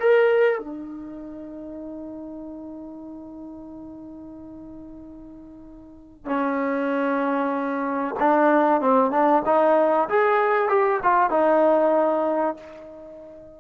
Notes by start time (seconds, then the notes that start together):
0.00 A#4
0.59 D#4
6.26 C#4
8.20 D4
8.81 C4
9.11 D4
9.46 D#4
10.09 G#4
10.69 G4
11.03 F4
11.31 D#4